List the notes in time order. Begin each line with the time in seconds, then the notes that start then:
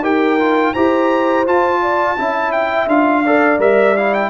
0.00 D#4 G4 A#4 G5
0.39 F4
0.72 E4 G4 C5 A#5
1.46 F4 A5
1.82 D5
2.18 C#4 E4 E5
2.52 G5
2.87 D4 F4 F5
3.23 A4 D5
3.58 G3 A#4 E5
3.97 E4 F5
4.14 G5